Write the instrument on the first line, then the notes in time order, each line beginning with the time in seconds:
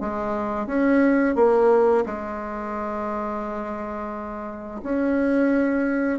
bassoon
0.00 G#3
0.66 C#4
1.35 A#3
2.06 G#3
4.83 C#4